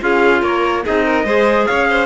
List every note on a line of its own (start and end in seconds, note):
0.00 0.42 C#4
0.00 0.83 F4
0.00 0.42 G#4
0.00 0.43 F5
0.42 0.84 A#3
0.42 0.84 A#4
0.42 0.85 C#5
0.84 1.24 C4
0.84 1.24 D#4
0.84 1.05 G#4
0.84 1.66 D#5
1.05 1.26 A#4
1.24 1.66 G#3
1.24 2.06 G#4
1.24 1.67 C5
1.66 2.06 C#4
1.66 1.88 C#5
1.66 2.06 F5
1.89 2.06 C5